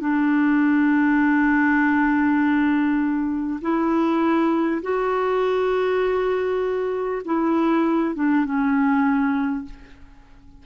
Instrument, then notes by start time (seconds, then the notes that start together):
clarinet
0.00 D4
3.61 E4
4.82 F#4
7.25 E4
8.15 D4
8.45 C#4